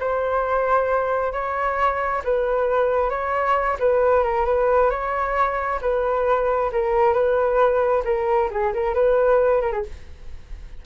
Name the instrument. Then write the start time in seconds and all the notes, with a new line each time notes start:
flute
0.00 C5
1.33 C#5
2.25 B4
3.10 C#5
3.80 B4
4.24 A#4
4.46 B4
4.91 C#5
5.82 B4
6.73 A#4
7.14 B4
8.05 A#4
8.51 G#4
8.74 A#4
8.95 B4
9.62 A#4
9.72 G#4